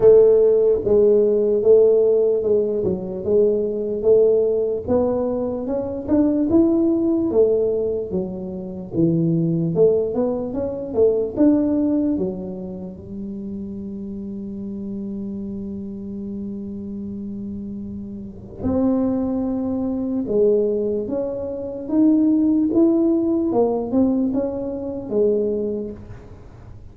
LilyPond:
\new Staff \with { instrumentName = "tuba" } { \time 4/4 \tempo 4 = 74 a4 gis4 a4 gis8 fis8 | gis4 a4 b4 cis'8 d'8 | e'4 a4 fis4 e4 | a8 b8 cis'8 a8 d'4 fis4 |
g1~ | g2. c'4~ | c'4 gis4 cis'4 dis'4 | e'4 ais8 c'8 cis'4 gis4 | }